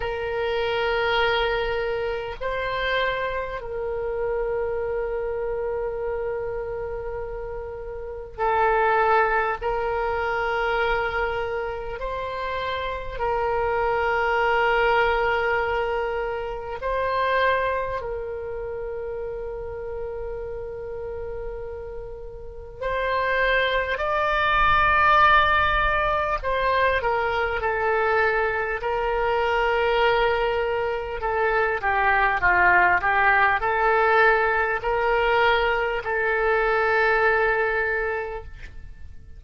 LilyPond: \new Staff \with { instrumentName = "oboe" } { \time 4/4 \tempo 4 = 50 ais'2 c''4 ais'4~ | ais'2. a'4 | ais'2 c''4 ais'4~ | ais'2 c''4 ais'4~ |
ais'2. c''4 | d''2 c''8 ais'8 a'4 | ais'2 a'8 g'8 f'8 g'8 | a'4 ais'4 a'2 | }